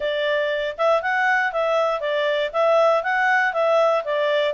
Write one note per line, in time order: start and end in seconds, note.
0.00 0.75 D5
0.77 1.02 E5
1.02 1.52 F#5
1.52 2.00 E5
2.00 2.50 D5
2.52 3.03 E5
3.03 3.53 F#5
3.53 4.03 E5
4.04 4.54 D5